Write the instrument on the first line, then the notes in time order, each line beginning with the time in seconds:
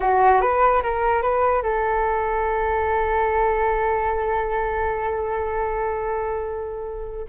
flute
0.00 F#4
0.41 B4
0.82 A#4
1.22 B4
1.62 A4